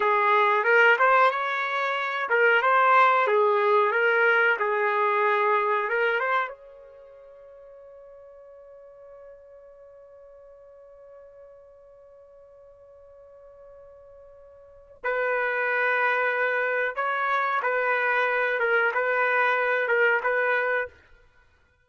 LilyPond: \new Staff \with { instrumentName = "trumpet" } { \time 4/4 \tempo 4 = 92 gis'4 ais'8 c''8 cis''4. ais'8 | c''4 gis'4 ais'4 gis'4~ | gis'4 ais'8 c''8 cis''2~ | cis''1~ |
cis''1~ | cis''2. b'4~ | b'2 cis''4 b'4~ | b'8 ais'8 b'4. ais'8 b'4 | }